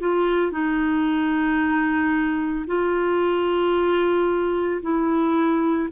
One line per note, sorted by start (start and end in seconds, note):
0.00 0.52 F4
0.52 2.66 D#4
2.67 4.82 F4
4.82 5.89 E4